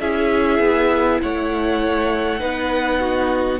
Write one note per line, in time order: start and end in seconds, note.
0.00 0.59 C#4
0.00 2.39 E4
0.00 1.21 G#4
0.00 1.20 E5
0.59 1.19 B3
1.22 2.41 A3
1.22 2.39 C#5
1.22 3.59 F#5
2.39 3.59 B3
2.39 3.59 D#4
2.39 2.99 B4
3.00 3.59 F#4